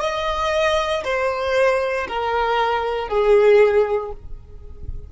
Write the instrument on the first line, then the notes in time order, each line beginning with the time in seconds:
violin
0.00 D#5
1.03 C5
2.07 A#4
3.08 G#4